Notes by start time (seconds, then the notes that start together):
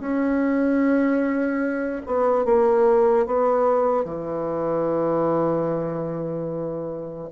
0.00 C#4
2.06 B3
2.45 A#3
3.27 B3
4.05 E3